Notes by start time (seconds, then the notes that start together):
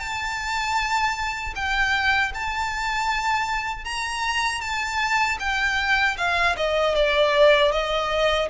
0.00 A5
1.55 G5
2.35 A5
3.85 A#5
4.61 A5
5.40 G5
6.17 F5
6.57 D#5
6.95 D5
7.72 D#5